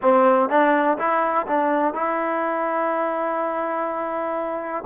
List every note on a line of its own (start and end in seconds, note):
0.01 0.49 C4
0.49 0.97 D4
0.98 1.46 E4
1.47 1.94 D4
1.94 4.84 E4